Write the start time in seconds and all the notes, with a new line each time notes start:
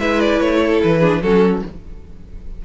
0.00 G#3 E4 B4 E5
0.21 D5
0.41 A3 C#5
0.64 A4
0.83 E3 B4
1.00 D4 G#4
1.22 F#3 C#4 F#4 A4